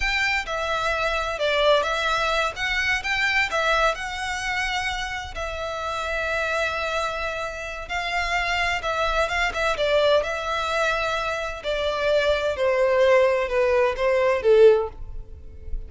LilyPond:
\new Staff \with { instrumentName = "violin" } { \time 4/4 \tempo 4 = 129 g''4 e''2 d''4 | e''4. fis''4 g''4 e''8~ | e''8 fis''2. e''8~ | e''1~ |
e''4 f''2 e''4 | f''8 e''8 d''4 e''2~ | e''4 d''2 c''4~ | c''4 b'4 c''4 a'4 | }